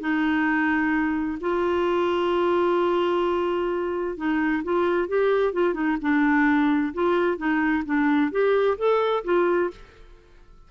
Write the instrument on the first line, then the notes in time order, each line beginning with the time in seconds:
clarinet
0.00 D#4
1.40 F4
4.17 D#4
4.64 F4
5.08 G4
5.53 F4
5.74 D#4
6.01 D4
6.94 F4
7.37 D#4
7.85 D4
8.31 G4
8.78 A4
9.24 F4